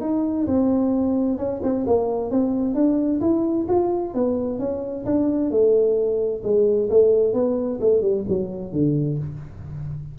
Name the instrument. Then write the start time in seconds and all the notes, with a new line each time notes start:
tuba
0.00 D#4
0.46 C4
1.37 C#4
1.62 C4
1.86 A#3
2.30 C4
2.74 D4
3.20 E4
3.68 F4
4.14 B3
4.59 C#4
5.05 D4
5.50 A3
6.43 G#3
6.89 A3
7.33 B3
7.80 A3
8.01 G3
8.28 F#3
8.72 D3